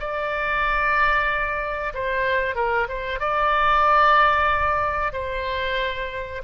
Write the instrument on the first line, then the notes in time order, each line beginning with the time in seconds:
oboe
0.00 D5
1.94 C5
2.56 A#4
2.89 C5
3.20 D5
5.13 C5